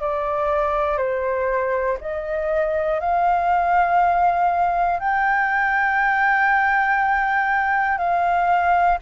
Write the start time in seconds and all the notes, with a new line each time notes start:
0.00 D5
0.97 C5
2.00 D#5
3.00 F5
5.00 G5
7.97 F5